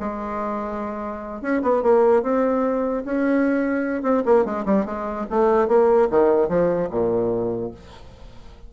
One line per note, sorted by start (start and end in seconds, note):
0.00 1.42 G#3
1.42 1.62 C#4
1.62 1.83 B3
1.83 2.23 A#3
2.23 3.04 C4
3.05 4.03 C#4
4.03 4.23 C4
4.25 4.45 A#3
4.45 4.65 G#3
4.65 4.86 G3
4.86 5.26 G#3
5.31 5.68 A3
5.68 6.09 A#3
6.11 6.49 D#3
6.49 6.89 F3
6.90 7.71 A#2